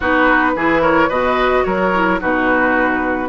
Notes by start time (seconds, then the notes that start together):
0.00 B3 D#4 F#4 B4
0.56 E3 E4 G#4
0.81 A#4 C#5
1.08 B2 F#4 B4 D#5
1.63 F#3 A#4 C#5
1.93 E4
2.20 B2 D#4 F#4 B4